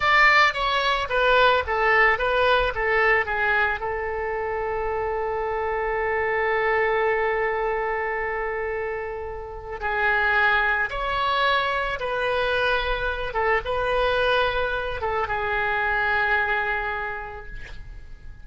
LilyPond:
\new Staff \with { instrumentName = "oboe" } { \time 4/4 \tempo 4 = 110 d''4 cis''4 b'4 a'4 | b'4 a'4 gis'4 a'4~ | a'1~ | a'1~ |
a'2 gis'2 | cis''2 b'2~ | b'8 a'8 b'2~ b'8 a'8 | gis'1 | }